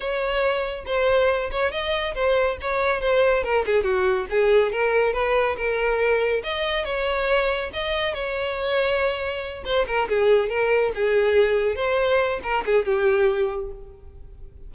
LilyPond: \new Staff \with { instrumentName = "violin" } { \time 4/4 \tempo 4 = 140 cis''2 c''4. cis''8 | dis''4 c''4 cis''4 c''4 | ais'8 gis'8 fis'4 gis'4 ais'4 | b'4 ais'2 dis''4 |
cis''2 dis''4 cis''4~ | cis''2~ cis''8 c''8 ais'8 gis'8~ | gis'8 ais'4 gis'2 c''8~ | c''4 ais'8 gis'8 g'2 | }